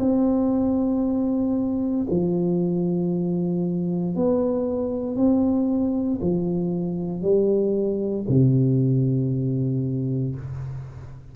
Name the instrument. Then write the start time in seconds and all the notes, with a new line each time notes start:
tuba
0.00 C4
2.10 F3
4.16 B3
5.16 C4
6.21 F3
7.22 G3
8.29 C3